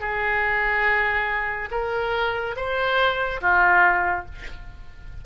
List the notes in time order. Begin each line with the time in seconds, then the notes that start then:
0.00 G#4
1.71 A#4
2.56 C5
3.41 F4